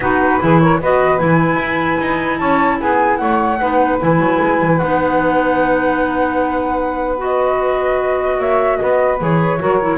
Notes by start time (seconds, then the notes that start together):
0.00 B3 D#4 F#4 B4
0.39 E3 E4 G#4
0.59 A#4 C#5
0.79 B3 F#4 B4 D#5
1.18 E3 E4 G#5
1.56 E4
2.00 D#4
2.38 C#4 C#5 A5
2.79 B3 G#4 G#5
3.16 A3 C#5 F#5
3.60 B3 D#4 B4
4.00 E3 E4 G#5
4.19 F#3
4.41 G#3
4.61 E3
4.77 B3 D#4 F#5
7.17 F#4 D#5
8.38 A#3 C#5 E5
8.77 B3 B4 D#5
9.18 E3 G#4 C#5
9.58 F#3 F#4 A#4
9.81 E4